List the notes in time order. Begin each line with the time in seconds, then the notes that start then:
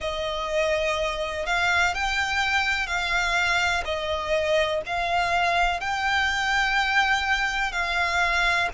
0.00 D#5
1.46 F5
1.94 G5
2.86 F5
3.84 D#5
4.86 F5
5.80 G5
7.72 F5